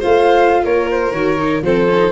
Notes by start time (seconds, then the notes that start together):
0.00 A3 F4 C5 F5
0.65 A#3 A#4 C#5
0.91 C5
1.12 D#3 F#4 C#5
1.39 D#4
1.62 F3 C4 A4 C5
1.90 C#4
1.97 D#4